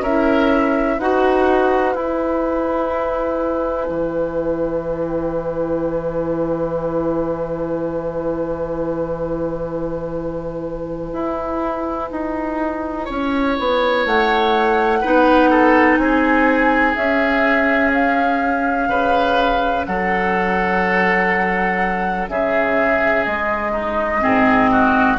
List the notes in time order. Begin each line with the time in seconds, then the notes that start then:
0.00 C#4 E4 A#4 E5
0.97 D#4 F#4 B4 F#5
1.95 E4 G#5
3.89 E3
11.13 E4
12.11 D#4
13.05 C#4 C#5
13.59 B3
14.05 A3 F#5
15.01 B3 D#4 B4
15.50 A4
15.97 C4 G#4 G#5
16.95 C#4 E5
17.93 F5
18.88 C#3 B4
19.85 F#3 A4 F#5
22.28 C#3 G#4 E5
23.24 G#3 D#5
23.71 D#4
24.21 G#2 C4 G#4
24.71 F#4